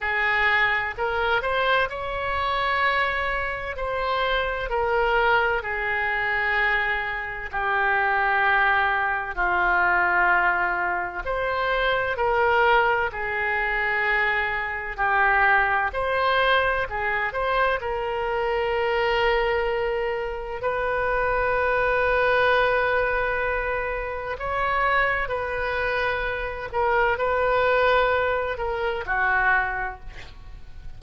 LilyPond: \new Staff \with { instrumentName = "oboe" } { \time 4/4 \tempo 4 = 64 gis'4 ais'8 c''8 cis''2 | c''4 ais'4 gis'2 | g'2 f'2 | c''4 ais'4 gis'2 |
g'4 c''4 gis'8 c''8 ais'4~ | ais'2 b'2~ | b'2 cis''4 b'4~ | b'8 ais'8 b'4. ais'8 fis'4 | }